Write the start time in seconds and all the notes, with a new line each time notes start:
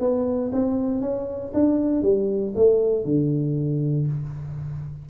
0.00 B3
0.52 C4
1.01 C#4
1.54 D4
2.02 G3
2.56 A3
3.05 D3